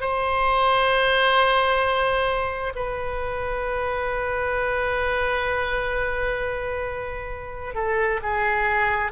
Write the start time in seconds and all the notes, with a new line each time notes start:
0.00 C5
2.75 B4
7.74 A4
8.22 G#4